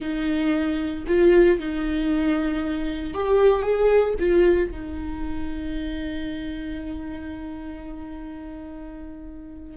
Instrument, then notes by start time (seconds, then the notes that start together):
viola
0.00 D#4
1.07 F4
1.59 D#4
3.14 G4
3.62 G#4
4.19 F4
4.71 D#4